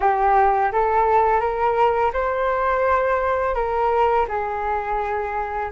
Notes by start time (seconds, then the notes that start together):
0.00 G4
0.71 A4
1.40 A#4
2.13 C5
3.55 A#4
4.28 G#4